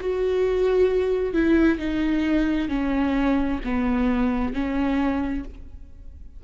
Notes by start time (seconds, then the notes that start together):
0.00 F#4
1.33 E4
1.78 D#4
2.69 C#4
3.64 B3
4.53 C#4